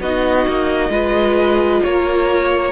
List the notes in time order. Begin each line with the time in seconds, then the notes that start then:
0.00 B3 D#4 F#4 D#5
0.48 A#3
0.89 G#3 F4 B4
1.83 A#3 A#4 C#5